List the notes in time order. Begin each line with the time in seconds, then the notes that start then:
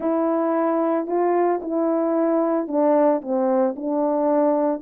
0.00 E4
1.06 F4
1.62 E4
2.67 D4
3.21 C4
3.75 D4